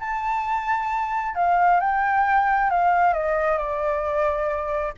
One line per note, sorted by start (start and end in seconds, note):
0.00 1.35 A5
1.35 1.80 F5
1.80 2.70 G5
2.70 3.14 F5
3.14 3.58 D#5
3.58 4.93 D5